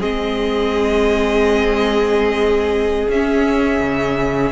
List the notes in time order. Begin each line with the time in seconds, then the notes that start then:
0.00 G#3 C4 G#4 D#5
3.08 C#4 E5
3.80 C#3